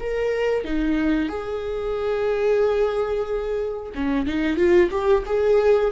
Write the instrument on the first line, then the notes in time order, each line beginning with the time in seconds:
viola
0.00 A#4
0.64 D#4
1.29 G#4
3.94 C#4
4.26 D#4
4.56 F4
4.91 G4
5.26 G#4